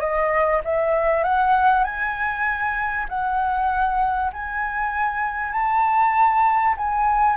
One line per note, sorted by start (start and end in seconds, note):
0.00 0.61 D#5
0.65 1.24 E5
1.24 1.84 F#5
1.84 3.06 G#5
3.09 4.31 F#5
4.33 5.52 G#5
5.52 6.75 A5
6.77 7.37 G#5